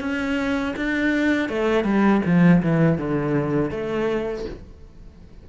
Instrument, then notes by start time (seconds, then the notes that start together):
cello
0.00 C#4
0.76 D4
1.49 A3
1.84 G3
2.25 F3
2.62 E3
2.97 D3
3.70 A3